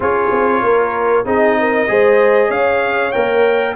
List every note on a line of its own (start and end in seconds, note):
0.00 0.28 C#4
0.00 1.24 F4
0.00 0.62 G#4
0.00 1.26 C#5
0.32 0.62 C4
0.62 1.24 A#3
0.62 1.25 A#4
1.25 1.87 C4
1.25 1.87 D#4
1.25 1.57 G#4
1.25 2.51 D#5
1.59 1.90 A#4
1.87 2.49 G#3
1.87 3.12 G#4
1.87 2.48 C5
2.48 3.12 C#4
2.48 3.73 C#5
2.48 3.11 F5
3.11 3.75 A#3
3.11 3.75 A#4
3.11 3.74 G5